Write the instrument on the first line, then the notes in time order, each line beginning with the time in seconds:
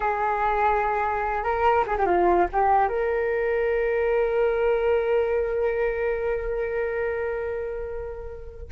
flute
0.00 G#4
1.43 A#4
1.86 G#4
1.98 G4
2.06 F4
2.52 G4
2.88 A#4